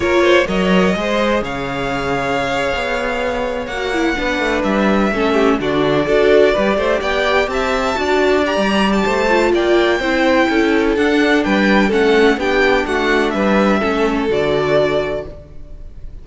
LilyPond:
<<
  \new Staff \with { instrumentName = "violin" } { \time 4/4 \tempo 4 = 126 cis''4 dis''2 f''4~ | f''2.~ f''8. fis''16~ | fis''4.~ fis''16 e''2 d''16~ | d''2~ d''8. g''4 a''16~ |
a''4.~ a''16 ais''4 a''4~ a''16 | g''2. fis''4 | g''4 fis''4 g''4 fis''4 | e''2 d''2 | }
  \new Staff \with { instrumentName = "violin" } { \time 4/4 ais'8 c''8 cis''4 c''4 cis''4~ | cis''1~ | cis''8. b'2 a'8 g'8 fis'16~ | fis'8. a'4 b'8 c''8 d''4 e''16~ |
e''8. d''2~ d''16 c''4 | d''4 c''4 a'2 | b'4 a'4 g'4 fis'4 | b'4 a'2. | }
  \new Staff \with { instrumentName = "viola" } { \time 4/4 f'4 ais'4 gis'2~ | gis'2.~ gis'8. fis'16~ | fis'16 e'8 d'2 cis'4 d'16~ | d'8. fis'4 g'2~ g'16~ |
g'8. fis'4 g'4.~ g'16 f'8~ | f'4 e'2 d'4~ | d'4 cis'4 d'2~ | d'4 cis'4 fis'2 | }
  \new Staff \with { instrumentName = "cello" } { \time 4/4 ais4 fis4 gis4 cis4~ | cis4.~ cis16 b2 ais16~ | ais8. b8 a8 g4 a4 d16~ | d8. d'4 g8 a8 b4 c'16~ |
c'8. d'4~ d'16 g4 a4 | ais4 c'4 cis'4 d'4 | g4 a4 b4 a4 | g4 a4 d2 | }
>>